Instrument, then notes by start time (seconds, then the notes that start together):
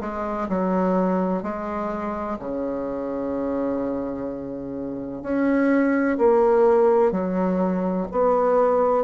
bassoon
0.00 G#3
0.48 F#3
1.42 G#3
2.39 C#3
5.22 C#4
6.18 A#3
7.11 F#3
8.11 B3